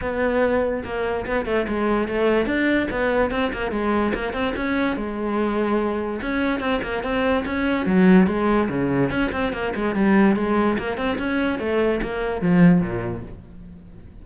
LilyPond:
\new Staff \with { instrumentName = "cello" } { \time 4/4 \tempo 4 = 145 b2 ais4 b8 a8 | gis4 a4 d'4 b4 | c'8 ais8 gis4 ais8 c'8 cis'4 | gis2. cis'4 |
c'8 ais8 c'4 cis'4 fis4 | gis4 cis4 cis'8 c'8 ais8 gis8 | g4 gis4 ais8 c'8 cis'4 | a4 ais4 f4 ais,4 | }